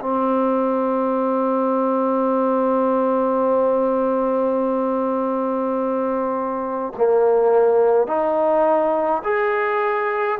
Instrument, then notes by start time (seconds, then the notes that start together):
trombone
0.00 C4
6.97 A#3
8.07 D#4
9.24 G#4